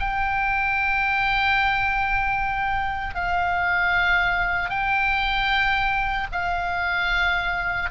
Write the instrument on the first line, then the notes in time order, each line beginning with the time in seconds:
oboe
0.00 G5
3.15 F5
4.70 G5
6.32 F5